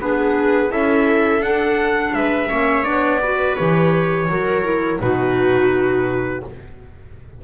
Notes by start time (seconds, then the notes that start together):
0.00 B3 D4 G#4 B4
0.69 C#4 E4 A4 E5
1.41 D4 F#5
2.14 G#3 B4 E5
2.49 A#3 C#4 C#5
2.84 B3 D4 D5
3.22 F#4 B4
3.56 E3 G4 C#5
4.29 F#3 F#4 A#4
4.64 E4
4.99 B2 D#4 F#4 B4